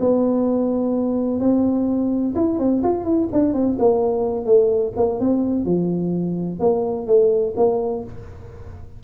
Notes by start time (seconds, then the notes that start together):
0.00 B3
1.40 C4
2.35 E4
2.59 C4
2.83 F4
3.05 E4
3.32 D4
3.54 C4
3.79 A#3
4.46 A3
4.96 A#3
5.20 C4
5.65 F3
6.60 A#3
7.07 A3
7.57 A#3